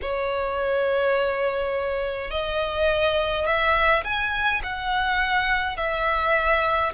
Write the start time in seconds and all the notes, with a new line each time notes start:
0.01 C#5
2.30 D#5
3.46 E5
4.04 G#5
4.63 F#5
5.76 E5